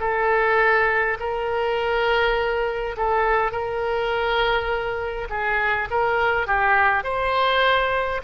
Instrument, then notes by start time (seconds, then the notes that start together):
oboe
0.00 A4
1.19 A#4
2.97 A4
3.51 A#4
5.29 G#4
5.90 A#4
6.47 G4
7.03 C5